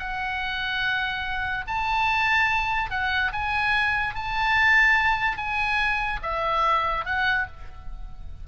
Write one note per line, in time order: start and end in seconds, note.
0.00 1.66 F#5
1.68 2.91 A5
2.91 3.33 F#5
3.33 4.15 G#5
4.15 5.38 A5
5.38 6.21 G#5
6.23 7.06 E5
7.06 7.47 F#5